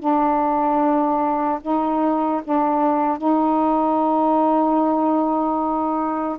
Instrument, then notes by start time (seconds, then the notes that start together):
saxophone
0.00 D4
1.62 D#4
2.44 D4
3.19 D#4